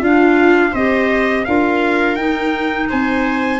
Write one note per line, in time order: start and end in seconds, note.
0.00 0.72 D4
0.00 0.75 D4
0.00 0.71 F4
0.00 0.74 F5
0.71 1.45 C4
0.71 1.46 G4
0.71 1.43 C5
0.71 1.44 D#5
1.44 2.15 D4
1.44 2.17 F4
1.44 2.89 A#4
1.44 2.15 F5
2.15 2.86 D#4
2.15 3.59 D#4
2.15 2.86 G5
2.89 3.59 C4
2.89 3.59 C5
2.89 3.59 G#5